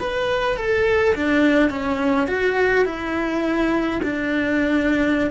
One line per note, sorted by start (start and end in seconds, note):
0.00 0.56 B4
0.56 1.14 A4
1.15 1.69 D4
1.69 2.27 C#4
2.27 2.85 F#4
2.85 4.00 E4
4.03 5.30 D4